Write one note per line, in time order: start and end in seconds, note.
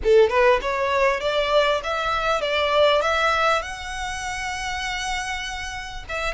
0.03 0.29 A4
0.29 0.60 B4
0.61 1.20 C#5
1.20 1.81 D5
1.83 2.41 E5
2.41 3.01 D5
3.01 3.62 E5
3.62 6.04 F#5
6.08 6.34 E5